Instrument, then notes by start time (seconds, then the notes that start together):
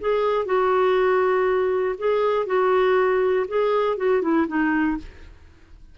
clarinet
0.00 G#4
0.45 F#4
1.98 G#4
2.46 F#4
3.47 G#4
3.97 F#4
4.22 E4
4.47 D#4